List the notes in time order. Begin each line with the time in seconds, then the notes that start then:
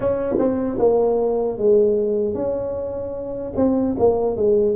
0.00 C#4
0.38 C4
0.79 A#3
1.58 G#3
2.34 C#4
3.56 C4
3.98 A#3
4.36 G#3